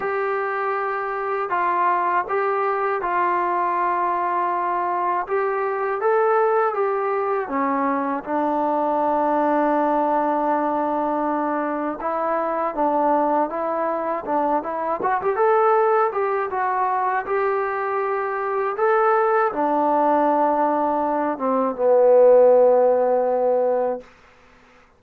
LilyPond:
\new Staff \with { instrumentName = "trombone" } { \time 4/4 \tempo 4 = 80 g'2 f'4 g'4 | f'2. g'4 | a'4 g'4 cis'4 d'4~ | d'1 |
e'4 d'4 e'4 d'8 e'8 | fis'16 g'16 a'4 g'8 fis'4 g'4~ | g'4 a'4 d'2~ | d'8 c'8 b2. | }